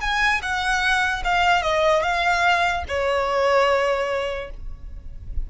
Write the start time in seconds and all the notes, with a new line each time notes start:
0.00 G#5
0.42 F#5
1.24 F5
1.62 D#5
2.02 F5
2.88 C#5